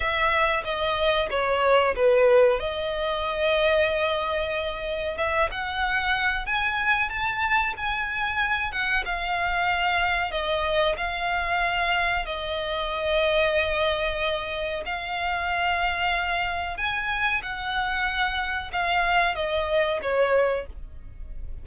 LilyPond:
\new Staff \with { instrumentName = "violin" } { \time 4/4 \tempo 4 = 93 e''4 dis''4 cis''4 b'4 | dis''1 | e''8 fis''4. gis''4 a''4 | gis''4. fis''8 f''2 |
dis''4 f''2 dis''4~ | dis''2. f''4~ | f''2 gis''4 fis''4~ | fis''4 f''4 dis''4 cis''4 | }